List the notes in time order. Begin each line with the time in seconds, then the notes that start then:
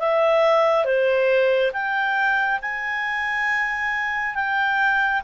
0.00 E5
0.85 C5
1.74 G5
2.62 G#5
4.35 G5